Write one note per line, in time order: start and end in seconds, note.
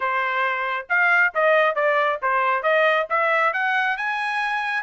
0.00 0.86 C5
0.89 1.33 F5
1.34 1.75 D#5
1.75 2.19 D5
2.22 2.62 C5
2.62 3.06 D#5
3.09 3.53 E5
3.53 3.97 F#5
3.97 4.83 G#5